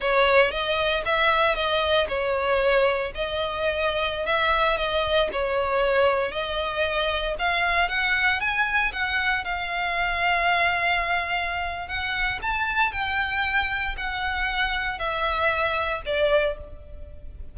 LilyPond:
\new Staff \with { instrumentName = "violin" } { \time 4/4 \tempo 4 = 116 cis''4 dis''4 e''4 dis''4 | cis''2 dis''2~ | dis''16 e''4 dis''4 cis''4.~ cis''16~ | cis''16 dis''2 f''4 fis''8.~ |
fis''16 gis''4 fis''4 f''4.~ f''16~ | f''2. fis''4 | a''4 g''2 fis''4~ | fis''4 e''2 d''4 | }